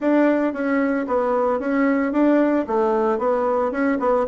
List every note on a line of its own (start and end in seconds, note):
0.00 0.53 D4
0.53 1.06 C#4
1.07 1.59 B3
1.59 2.12 C#4
2.12 2.65 D4
2.67 3.18 A3
3.18 3.71 B3
3.71 3.98 C#4
3.99 4.26 B3